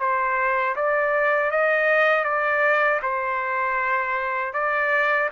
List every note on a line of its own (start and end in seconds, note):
0.00 0.76 C5
0.77 1.52 D5
1.52 2.25 D#5
2.25 3.01 D5
3.03 4.54 C5
4.54 5.30 D5